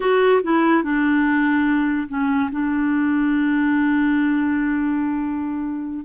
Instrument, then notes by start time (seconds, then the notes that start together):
clarinet
0.00 F#4
0.42 E4
0.83 D4
2.08 C#4
2.52 D4